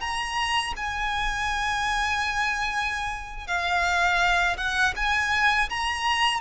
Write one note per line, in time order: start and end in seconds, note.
0.00 0.73 A#5
0.76 3.47 G#5
3.47 4.56 F5
4.57 4.94 F#5
4.96 5.69 G#5
5.69 6.40 A#5